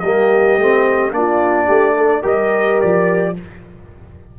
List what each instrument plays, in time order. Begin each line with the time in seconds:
0.00 tuba G3, trombone A#3, horn G4, trumpet D#5
0.58 tuba A3, trombone C4
1.12 tuba A#3, trombone D4, trumpet D5
1.18 horn F4
1.67 tuba A3, horn G4
1.98 horn A4
2.23 tuba G3, trombone G4, horn A#4, trumpet D#5
2.81 tuba F3, trumpet D5